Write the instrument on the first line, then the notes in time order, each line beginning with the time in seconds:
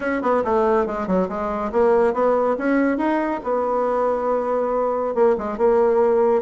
bassoon
0.00 C#4
0.21 B3
0.44 A3
0.86 G#3
1.07 F#3
1.28 G#3
1.72 A#3
2.13 B3
2.57 C#4
2.97 D#4
3.43 B3
5.14 A#3
5.37 G#3
5.57 A#3